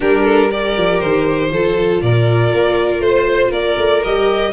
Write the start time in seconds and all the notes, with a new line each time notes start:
0.00 G3 D4 G4 A#4
0.23 A4
0.49 G4 A#4 D5
0.76 F3
1.00 D#3 C5
1.50 F3 F4 A4
2.01 A#2 A#4 D5
2.54 A#3
2.99 A3 C5
3.49 A#3 A#4 D5
3.77 A3
4.03 G3 G4 D#5